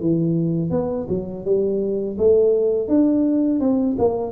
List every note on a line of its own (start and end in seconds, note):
0.00 0.70 E3
0.70 1.06 B3
1.08 1.45 F#3
1.45 2.17 G3
2.18 2.88 A3
2.88 3.60 D4
3.60 3.96 C4
3.98 4.32 A#3